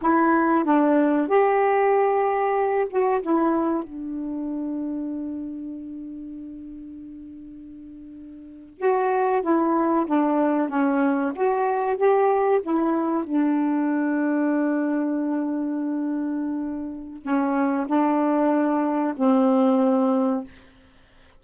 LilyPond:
\new Staff \with { instrumentName = "saxophone" } { \time 4/4 \tempo 4 = 94 e'4 d'4 g'2~ | g'8 fis'8 e'4 d'2~ | d'1~ | d'4.~ d'16 fis'4 e'4 d'16~ |
d'8. cis'4 fis'4 g'4 e'16~ | e'8. d'2.~ d'16~ | d'2. cis'4 | d'2 c'2 | }